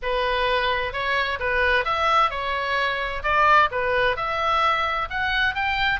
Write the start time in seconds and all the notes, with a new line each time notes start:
0.02 B4
0.92 C#5
1.39 B4
1.85 E5
2.30 C#5
3.23 D5
3.71 B4
4.16 E5
5.10 F#5
5.54 G5